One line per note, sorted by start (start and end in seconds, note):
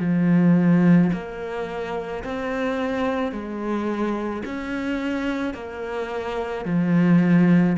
0.00 1.11 F3
1.13 2.24 A#3
2.24 3.32 C4
3.32 4.43 G#3
4.45 5.54 C#4
5.54 6.65 A#3
6.65 7.76 F3